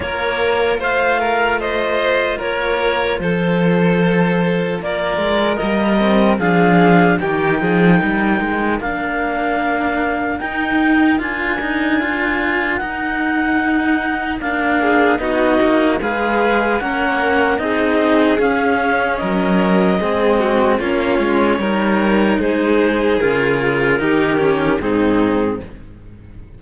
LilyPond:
<<
  \new Staff \with { instrumentName = "clarinet" } { \time 4/4 \tempo 4 = 75 cis''4 f''4 dis''4 cis''4 | c''2 d''4 dis''4 | f''4 g''2 f''4~ | f''4 g''4 gis''2 |
fis''2 f''4 dis''4 | f''4 fis''4 dis''4 f''4 | dis''2 cis''2 | c''4 ais'2 gis'4 | }
  \new Staff \with { instrumentName = "violin" } { \time 4/4 ais'4 c''8 ais'8 c''4 ais'4 | a'2 ais'2 | gis'4 g'8 gis'8 ais'2~ | ais'1~ |
ais'2~ ais'8 gis'8 fis'4 | b'4 ais'4 gis'2 | ais'4 gis'8 fis'8 f'4 ais'4 | gis'2 g'4 dis'4 | }
  \new Staff \with { instrumentName = "cello" } { \time 4/4 f'1~ | f'2. ais8 c'8 | d'4 dis'2 d'4~ | d'4 dis'4 f'8 dis'8 f'4 |
dis'2 d'4 dis'4 | gis'4 cis'4 dis'4 cis'4~ | cis'4 c'4 cis'4 dis'4~ | dis'4 f'4 dis'8 cis'8 c'4 | }
  \new Staff \with { instrumentName = "cello" } { \time 4/4 ais4 a2 ais4 | f2 ais8 gis8 g4 | f4 dis8 f8 g8 gis8 ais4~ | ais4 dis'4 d'2 |
dis'2 ais4 b8 ais8 | gis4 ais4 c'4 cis'4 | fis4 gis4 ais8 gis8 g4 | gis4 cis4 dis4 gis,4 | }
>>